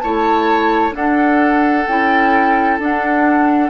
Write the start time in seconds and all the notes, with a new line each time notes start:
0.00 A3 E4 C#5 A5
0.91 D4 A4 F#5
1.87 C#4 E4 G5
2.79 D4 F#5